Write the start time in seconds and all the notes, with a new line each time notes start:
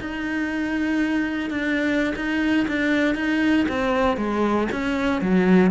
0.00 D#4
1.50 D4
2.16 D#4
2.68 D4
3.15 D#4
3.69 C4
4.17 G#3
4.72 C#4
5.21 F#3